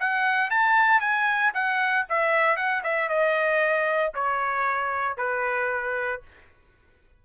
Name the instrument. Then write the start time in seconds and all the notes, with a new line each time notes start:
trumpet
0.00 F#5
0.51 A5
1.01 G#5
1.54 F#5
2.10 E5
2.57 F#5
2.84 E5
3.09 D#5
4.15 C#5
5.18 B4